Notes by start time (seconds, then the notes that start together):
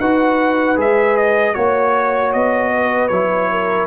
0.00 D#4 F#4 B4 F#5
0.77 G#3 G#4 E5
1.17 D#5
1.54 A#3 F#4 C#5
2.33 B3 D#5
2.74 B4
3.08 F#3 E4 C#5
3.52 A#4